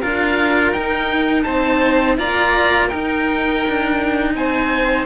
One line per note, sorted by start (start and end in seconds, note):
0.00 0.72 D4
0.00 0.75 F4
0.00 1.45 A#4
0.00 0.72 F5
0.72 1.44 D#4
0.72 2.18 D#4
0.72 1.43 G5
1.43 2.19 C4
1.43 2.17 C5
1.43 2.16 A5
2.18 2.91 A#3
2.18 2.90 F4
2.18 2.87 D5
2.18 2.89 A#5
2.87 5.07 D#4
2.87 4.32 A#4
2.87 4.34 G5
2.94 3.66 D#4
3.67 4.35 D4
4.35 5.07 C4
4.35 5.07 C5
4.35 5.07 G#5